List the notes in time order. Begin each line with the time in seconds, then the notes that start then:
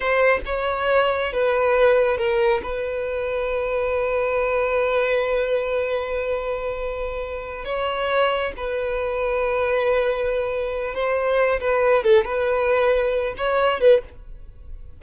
0.00 C5
0.45 C#5
1.32 B4
2.17 A#4
2.62 B4
7.65 C#5
8.56 B4
10.94 C5
11.60 B4
12.03 A4
12.24 B4
13.37 C#5
13.80 B4